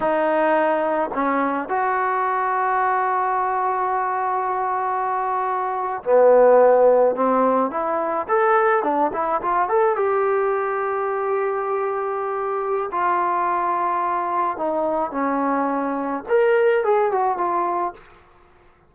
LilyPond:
\new Staff \with { instrumentName = "trombone" } { \time 4/4 \tempo 4 = 107 dis'2 cis'4 fis'4~ | fis'1~ | fis'2~ fis'8. b4~ b16~ | b8. c'4 e'4 a'4 d'16~ |
d'16 e'8 f'8 a'8 g'2~ g'16~ | g'2. f'4~ | f'2 dis'4 cis'4~ | cis'4 ais'4 gis'8 fis'8 f'4 | }